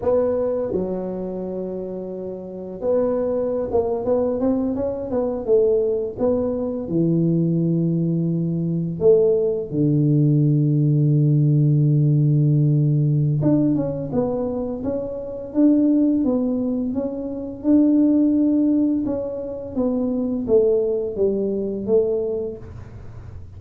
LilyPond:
\new Staff \with { instrumentName = "tuba" } { \time 4/4 \tempo 4 = 85 b4 fis2. | b4~ b16 ais8 b8 c'8 cis'8 b8 a16~ | a8. b4 e2~ e16~ | e8. a4 d2~ d16~ |
d2. d'8 cis'8 | b4 cis'4 d'4 b4 | cis'4 d'2 cis'4 | b4 a4 g4 a4 | }